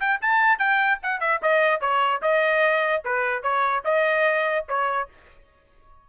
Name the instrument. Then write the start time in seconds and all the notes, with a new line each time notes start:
trumpet
0.00 G5
0.21 A5
0.59 G5
1.03 F#5
1.20 E5
1.42 D#5
1.81 C#5
2.22 D#5
3.05 B4
3.43 C#5
3.85 D#5
4.68 C#5